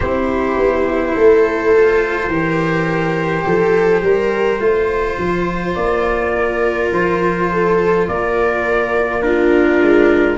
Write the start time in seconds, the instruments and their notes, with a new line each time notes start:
0.00 tuba C4, cello E4, viola G4, trumpet C5
0.58 tuba B3
1.15 tuba A3, viola A4
1.75 cello F4
2.27 tuba E3, cello G4, viola A#4
3.45 tuba F3, viola A4
4.02 tuba G3, viola A#4
4.59 tuba A3, cello F4, viola C5
5.18 tuba F3
5.75 tuba A#3, trumpet D5
6.36 viola A#4
6.92 tuba F3, trumpet C5
7.51 viola A4
8.07 tuba A#3, viola A#4, trumpet D5
9.21 cello D4, viola F4, trumpet A#4
9.81 tuba G#3